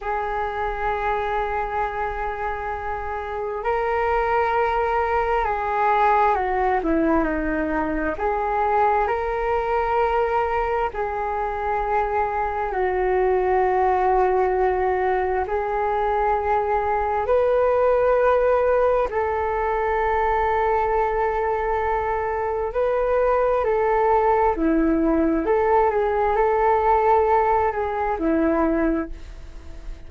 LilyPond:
\new Staff \with { instrumentName = "flute" } { \time 4/4 \tempo 4 = 66 gis'1 | ais'2 gis'4 fis'8 e'8 | dis'4 gis'4 ais'2 | gis'2 fis'2~ |
fis'4 gis'2 b'4~ | b'4 a'2.~ | a'4 b'4 a'4 e'4 | a'8 gis'8 a'4. gis'8 e'4 | }